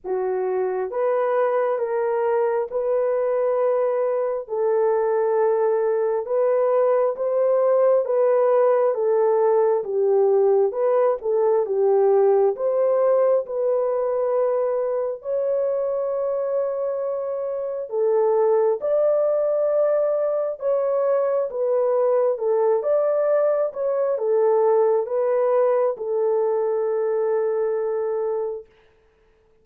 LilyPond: \new Staff \with { instrumentName = "horn" } { \time 4/4 \tempo 4 = 67 fis'4 b'4 ais'4 b'4~ | b'4 a'2 b'4 | c''4 b'4 a'4 g'4 | b'8 a'8 g'4 c''4 b'4~ |
b'4 cis''2. | a'4 d''2 cis''4 | b'4 a'8 d''4 cis''8 a'4 | b'4 a'2. | }